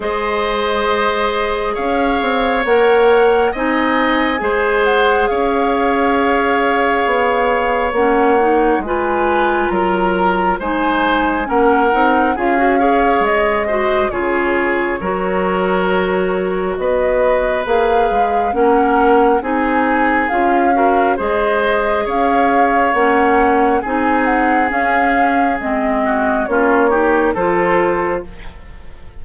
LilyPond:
<<
  \new Staff \with { instrumentName = "flute" } { \time 4/4 \tempo 4 = 68 dis''2 f''4 fis''4 | gis''4. fis''8 f''2~ | f''4 fis''4 gis''4 ais''4 | gis''4 fis''4 f''4 dis''4 |
cis''2. dis''4 | f''4 fis''4 gis''4 f''4 | dis''4 f''4 fis''4 gis''8 fis''8 | f''4 dis''4 cis''4 c''4 | }
  \new Staff \with { instrumentName = "oboe" } { \time 4/4 c''2 cis''2 | dis''4 c''4 cis''2~ | cis''2 b'4 ais'4 | c''4 ais'4 gis'8 cis''4 c''8 |
gis'4 ais'2 b'4~ | b'4 ais'4 gis'4. ais'8 | c''4 cis''2 gis'4~ | gis'4. fis'8 f'8 g'8 a'4 | }
  \new Staff \with { instrumentName = "clarinet" } { \time 4/4 gis'2. ais'4 | dis'4 gis'2.~ | gis'4 cis'8 dis'8 f'2 | dis'4 cis'8 dis'8 f'16 fis'16 gis'4 fis'8 |
f'4 fis'2. | gis'4 cis'4 dis'4 f'8 fis'8 | gis'2 cis'4 dis'4 | cis'4 c'4 cis'8 dis'8 f'4 | }
  \new Staff \with { instrumentName = "bassoon" } { \time 4/4 gis2 cis'8 c'8 ais4 | c'4 gis4 cis'2 | b4 ais4 gis4 fis4 | gis4 ais8 c'8 cis'4 gis4 |
cis4 fis2 b4 | ais8 gis8 ais4 c'4 cis'4 | gis4 cis'4 ais4 c'4 | cis'4 gis4 ais4 f4 | }
>>